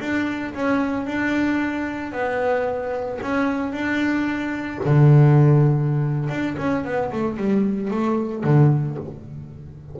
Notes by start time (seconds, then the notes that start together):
0.00 D4
0.54 C#4
1.06 D4
2.12 B3
3.21 C#4
3.72 D4
4.84 D3
6.29 D4
6.57 C#4
6.84 B3
7.12 A3
7.37 G3
7.90 A3
8.43 D3